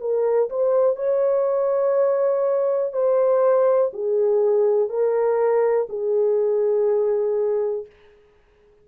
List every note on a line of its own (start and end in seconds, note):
0.00 0.49 A#4
0.50 0.96 C5
0.96 2.93 C#5
2.93 3.91 C5
3.93 4.89 G#4
4.89 5.87 A#4
5.89 7.86 G#4